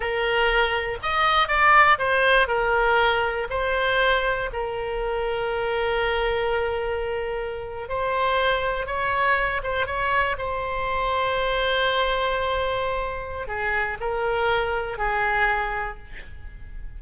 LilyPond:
\new Staff \with { instrumentName = "oboe" } { \time 4/4 \tempo 4 = 120 ais'2 dis''4 d''4 | c''4 ais'2 c''4~ | c''4 ais'2.~ | ais'2.~ ais'8. c''16~ |
c''4.~ c''16 cis''4. c''8 cis''16~ | cis''8. c''2.~ c''16~ | c''2. gis'4 | ais'2 gis'2 | }